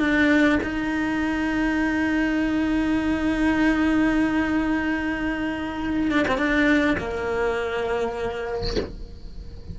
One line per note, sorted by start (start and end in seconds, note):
0.00 0.59 D4
0.63 6.12 D#4
6.12 6.26 D4
6.28 6.38 C4
6.38 6.97 D4
6.98 8.77 A#3